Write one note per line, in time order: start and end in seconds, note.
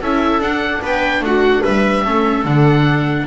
0.00 0.39 C#4
0.00 0.43 E4
0.00 0.82 A4
0.00 0.41 E5
0.39 0.80 D4
0.39 2.04 D4
0.39 0.82 F#5
0.81 1.21 B3
0.81 1.23 B4
0.81 1.24 G5
1.21 1.62 A3
1.21 1.62 F#4
1.21 1.64 F#5
1.62 2.05 G3
1.62 2.03 B4
1.62 2.45 E5
2.04 2.44 A3
2.04 2.45 C#4
2.04 3.26 A4
2.44 3.25 D3
2.44 3.27 D4
2.44 3.26 F#5